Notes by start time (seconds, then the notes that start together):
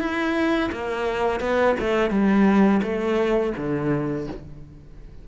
0.00 E4
0.72 A#3
1.40 B3
1.80 A3
2.10 G3
2.83 A3
3.57 D3